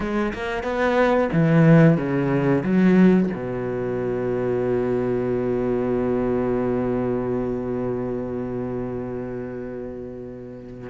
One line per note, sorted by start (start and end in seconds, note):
0.00 0.32 G#3
0.33 0.63 A#3
0.63 1.29 B3
1.32 1.97 E3
1.97 2.63 C#3
2.63 3.29 F#3
3.34 10.89 B2